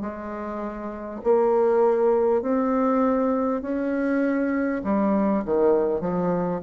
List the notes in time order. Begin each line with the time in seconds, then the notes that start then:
0.00 G#3
1.24 A#3
2.42 C4
3.61 C#4
4.83 G3
5.45 D#3
6.00 F3